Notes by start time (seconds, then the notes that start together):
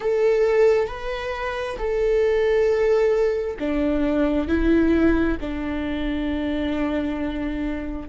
0.00 A4
0.87 B4
1.77 A4
3.59 D4
4.48 E4
5.40 D4